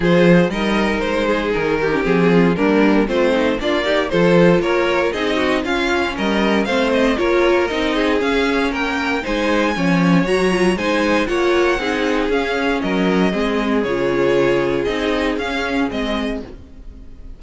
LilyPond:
<<
  \new Staff \with { instrumentName = "violin" } { \time 4/4 \tempo 4 = 117 c''4 dis''4 c''4 ais'4 | gis'4 ais'4 c''4 d''4 | c''4 cis''4 dis''4 f''4 | dis''4 f''8 dis''8 cis''4 dis''4 |
f''4 g''4 gis''2 | ais''4 gis''4 fis''2 | f''4 dis''2 cis''4~ | cis''4 dis''4 f''4 dis''4 | }
  \new Staff \with { instrumentName = "violin" } { \time 4/4 gis'4 ais'4. gis'4 g'8~ | g'8 f'8 d'4 c'4 f'8 g'8 | a'4 ais'4 gis'8 fis'8 f'4 | ais'4 c''4 ais'4. gis'8~ |
gis'4 ais'4 c''4 cis''4~ | cis''4 c''4 cis''4 gis'4~ | gis'4 ais'4 gis'2~ | gis'1 | }
  \new Staff \with { instrumentName = "viola" } { \time 4/4 f'4 dis'2~ dis'8. cis'16 | c'4 ais4 f'8 dis'8 d'8 dis'8 | f'2 dis'4 cis'4~ | cis'4 c'4 f'4 dis'4 |
cis'2 dis'4 cis'4 | fis'8 f'8 dis'4 f'4 dis'4 | cis'2 c'4 f'4~ | f'4 dis'4 cis'4 c'4 | }
  \new Staff \with { instrumentName = "cello" } { \time 4/4 f4 g4 gis4 dis4 | f4 g4 a4 ais4 | f4 ais4 c'4 cis'4 | g4 a4 ais4 c'4 |
cis'4 ais4 gis4 f4 | fis4 gis4 ais4 c'4 | cis'4 fis4 gis4 cis4~ | cis4 c'4 cis'4 gis4 | }
>>